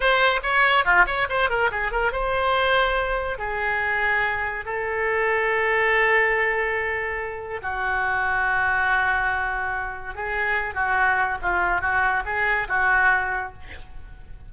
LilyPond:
\new Staff \with { instrumentName = "oboe" } { \time 4/4 \tempo 4 = 142 c''4 cis''4 f'8 cis''8 c''8 ais'8 | gis'8 ais'8 c''2. | gis'2. a'4~ | a'1~ |
a'2 fis'2~ | fis'1 | gis'4. fis'4. f'4 | fis'4 gis'4 fis'2 | }